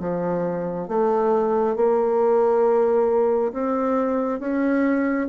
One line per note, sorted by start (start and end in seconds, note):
0.00 0.88 F3
0.89 1.76 A3
1.76 3.53 A#3
3.53 4.40 C4
4.40 5.28 C#4